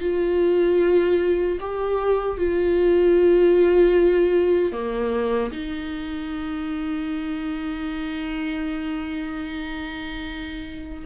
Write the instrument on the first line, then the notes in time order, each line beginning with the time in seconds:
viola
0.00 F4
1.60 G4
2.38 F4
4.72 A#3
5.51 D#4